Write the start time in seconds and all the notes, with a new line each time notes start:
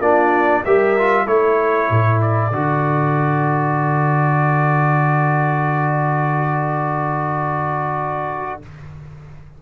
0.00 A#3 D4 F4 D5
0.65 G3 G4 A#4 E5
0.99 F4
1.26 A3 E4 A4 C#5
1.90 A2
2.22 D5
2.51 D3 F#4